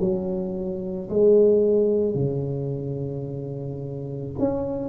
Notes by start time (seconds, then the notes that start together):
0.00 F#3
1.10 G#3
2.15 C#3
4.39 C#4